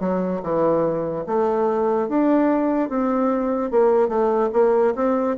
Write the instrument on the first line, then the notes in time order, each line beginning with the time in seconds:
bassoon
0.00 F#3
0.43 E3
1.26 A3
2.08 D4
2.89 C4
3.71 A#3
4.08 A3
4.52 A#3
4.95 C4